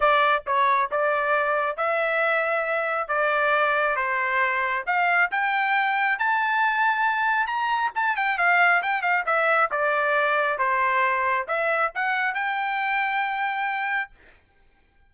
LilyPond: \new Staff \with { instrumentName = "trumpet" } { \time 4/4 \tempo 4 = 136 d''4 cis''4 d''2 | e''2. d''4~ | d''4 c''2 f''4 | g''2 a''2~ |
a''4 ais''4 a''8 g''8 f''4 | g''8 f''8 e''4 d''2 | c''2 e''4 fis''4 | g''1 | }